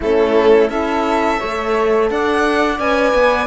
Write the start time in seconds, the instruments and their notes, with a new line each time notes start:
0.00 cello A3, horn C#4, flute E4, violin A4
0.69 cello C#4, horn E4, flute A4, violin E5
1.39 cello A3, horn A4, flute C#5
2.10 cello D4, flute D5, violin F#5
2.79 cello C#4, horn B4, violin G#5
3.13 cello B3